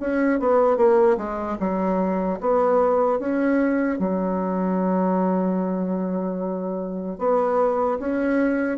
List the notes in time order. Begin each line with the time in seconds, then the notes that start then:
0.00 C#4
0.40 B3
0.77 A#3
1.17 G#3
1.60 F#3
2.40 B3
3.19 C#4
3.99 F#3
7.19 B3
7.99 C#4